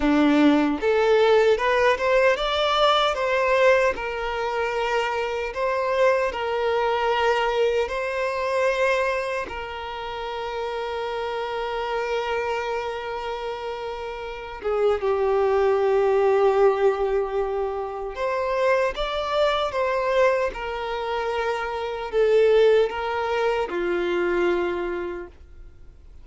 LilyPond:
\new Staff \with { instrumentName = "violin" } { \time 4/4 \tempo 4 = 76 d'4 a'4 b'8 c''8 d''4 | c''4 ais'2 c''4 | ais'2 c''2 | ais'1~ |
ais'2~ ais'8 gis'8 g'4~ | g'2. c''4 | d''4 c''4 ais'2 | a'4 ais'4 f'2 | }